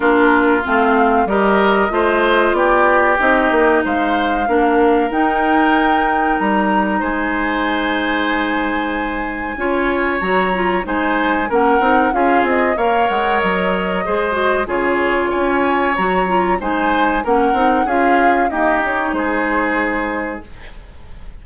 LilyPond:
<<
  \new Staff \with { instrumentName = "flute" } { \time 4/4 \tempo 4 = 94 ais'4 f''4 dis''2 | d''4 dis''4 f''2 | g''2 ais''4 gis''4~ | gis''1 |
ais''4 gis''4 fis''4 f''8 dis''8 | f''8 fis''8 dis''2 cis''4 | gis''4 ais''4 gis''4 fis''4 | f''4 dis''8 cis''8 c''2 | }
  \new Staff \with { instrumentName = "oboe" } { \time 4/4 f'2 ais'4 c''4 | g'2 c''4 ais'4~ | ais'2. c''4~ | c''2. cis''4~ |
cis''4 c''4 ais'4 gis'4 | cis''2 c''4 gis'4 | cis''2 c''4 ais'4 | gis'4 g'4 gis'2 | }
  \new Staff \with { instrumentName = "clarinet" } { \time 4/4 d'4 c'4 g'4 f'4~ | f'4 dis'2 d'4 | dis'1~ | dis'2. f'4 |
fis'8 f'8 dis'4 cis'8 dis'8 f'4 | ais'2 gis'8 fis'8 f'4~ | f'4 fis'8 f'8 dis'4 cis'8 dis'8 | f'4 ais8 dis'2~ dis'8 | }
  \new Staff \with { instrumentName = "bassoon" } { \time 4/4 ais4 a4 g4 a4 | b4 c'8 ais8 gis4 ais4 | dis'2 g4 gis4~ | gis2. cis'4 |
fis4 gis4 ais8 c'8 cis'8 c'8 | ais8 gis8 fis4 gis4 cis4 | cis'4 fis4 gis4 ais8 c'8 | cis'4 dis'4 gis2 | }
>>